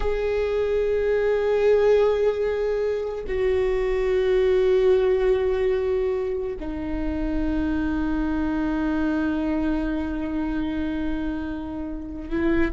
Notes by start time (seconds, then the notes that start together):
0.00 G#4
3.27 F#4
6.60 D#4
12.30 E4